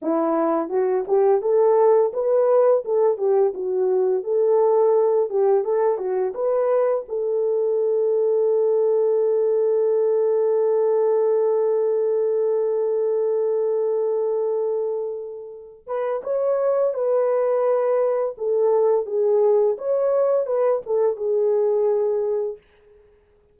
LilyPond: \new Staff \with { instrumentName = "horn" } { \time 4/4 \tempo 4 = 85 e'4 fis'8 g'8 a'4 b'4 | a'8 g'8 fis'4 a'4. g'8 | a'8 fis'8 b'4 a'2~ | a'1~ |
a'1~ | a'2~ a'8 b'8 cis''4 | b'2 a'4 gis'4 | cis''4 b'8 a'8 gis'2 | }